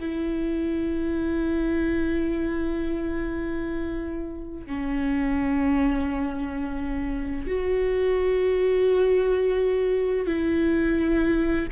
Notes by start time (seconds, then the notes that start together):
0.00 E4
4.66 C#4
7.47 F#4
10.26 E4